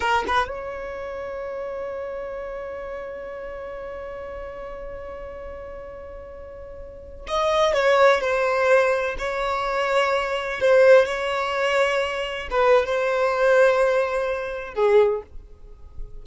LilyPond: \new Staff \with { instrumentName = "violin" } { \time 4/4 \tempo 4 = 126 ais'8 b'8 cis''2.~ | cis''1~ | cis''1~ | cis''2.~ cis''16 dis''8.~ |
dis''16 cis''4 c''2 cis''8.~ | cis''2~ cis''16 c''4 cis''8.~ | cis''2~ cis''16 b'8. c''4~ | c''2. gis'4 | }